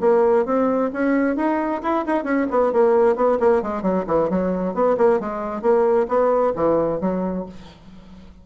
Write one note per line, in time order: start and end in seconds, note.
0.00 0.45 A#3
0.45 0.90 C4
0.93 1.36 C#4
1.36 1.81 D#4
1.82 2.05 E4
2.06 2.24 D#4
2.24 2.46 C#4
2.51 2.72 B3
2.72 3.16 A#3
3.16 3.38 B3
3.40 3.62 A#3
3.62 3.82 G#3
3.82 4.04 F#3
4.07 4.29 E3
4.30 4.74 F#3
4.74 4.96 B3
4.97 5.19 A#3
5.19 5.61 G#3
5.61 6.07 A#3
6.08 6.53 B3
6.55 7.00 E3
7.00 7.46 F#3